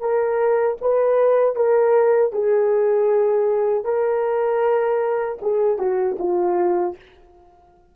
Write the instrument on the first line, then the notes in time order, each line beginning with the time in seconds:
horn
0.00 A#4
0.81 B4
1.56 A#4
2.33 G#4
3.85 A#4
5.42 G#4
5.79 F#4
6.19 F4